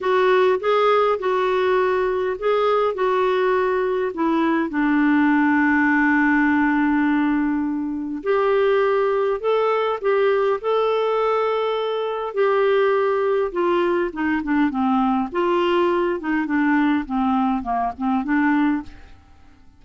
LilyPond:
\new Staff \with { instrumentName = "clarinet" } { \time 4/4 \tempo 4 = 102 fis'4 gis'4 fis'2 | gis'4 fis'2 e'4 | d'1~ | d'2 g'2 |
a'4 g'4 a'2~ | a'4 g'2 f'4 | dis'8 d'8 c'4 f'4. dis'8 | d'4 c'4 ais8 c'8 d'4 | }